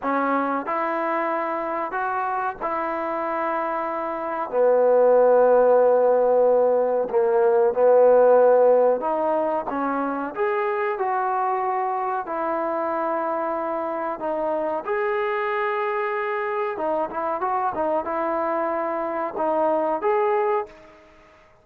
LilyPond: \new Staff \with { instrumentName = "trombone" } { \time 4/4 \tempo 4 = 93 cis'4 e'2 fis'4 | e'2. b4~ | b2. ais4 | b2 dis'4 cis'4 |
gis'4 fis'2 e'4~ | e'2 dis'4 gis'4~ | gis'2 dis'8 e'8 fis'8 dis'8 | e'2 dis'4 gis'4 | }